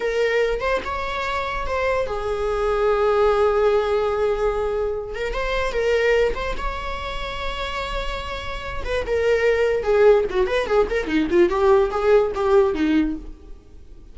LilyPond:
\new Staff \with { instrumentName = "viola" } { \time 4/4 \tempo 4 = 146 ais'4. c''8 cis''2 | c''4 gis'2.~ | gis'1~ | gis'8 ais'8 c''4 ais'4. c''8 |
cis''1~ | cis''4. b'8 ais'2 | gis'4 fis'8 b'8 gis'8 ais'8 dis'8 f'8 | g'4 gis'4 g'4 dis'4 | }